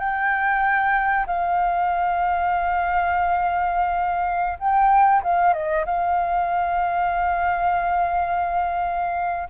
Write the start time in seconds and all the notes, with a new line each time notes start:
0.00 G5
1.27 F5
4.59 G5
5.23 F5
5.54 D#5
5.86 F5